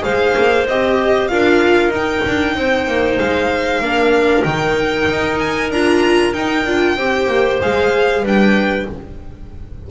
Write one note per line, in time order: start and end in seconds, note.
0.00 0.35 G#3
0.00 0.63 G#4
0.00 1.29 C5
0.00 0.67 F5
0.37 0.67 A#3
0.67 1.30 C4
0.67 1.29 G4
0.67 1.28 D#5
1.28 1.88 D4
1.28 1.92 F4
1.28 2.55 A#4
1.28 1.91 F5
1.88 2.20 D#4
1.94 3.83 D#4
1.94 3.18 G5
2.27 2.56 D4
2.55 2.87 C4
2.55 3.81 C5
2.87 3.19 A#3
3.18 3.79 G#3
3.18 4.43 F5
3.79 4.43 A#3
3.79 4.46 D4
3.79 6.98 A#4
4.43 5.08 D#3
4.43 5.73 D#4
4.43 5.38 G5
5.09 5.70 D#4
5.38 5.70 G#5
5.70 6.33 D4
5.70 6.33 F4
5.70 6.33 A#5
6.33 6.65 D#4
6.33 6.66 D#4
6.33 7.59 G5
6.66 6.96 D4
6.66 6.97 F4
6.96 7.27 C4
6.96 7.61 G4
6.96 8.22 C5
7.27 7.59 A#3
7.61 8.22 G#3
7.61 8.24 G#4
7.61 8.25 F5
8.22 8.86 G3
8.22 8.88 D4
8.22 8.85 B4
8.22 8.90 G5